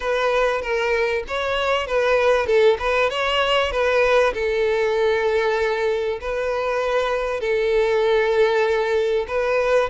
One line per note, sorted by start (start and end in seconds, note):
0.00 0.61 B4
0.61 1.23 A#4
1.27 1.87 C#5
1.87 2.46 B4
2.46 2.77 A4
2.79 3.10 B4
3.10 3.71 C#5
3.71 4.33 B4
4.33 6.19 A4
6.21 7.40 B4
7.40 9.26 A4
9.27 9.89 B4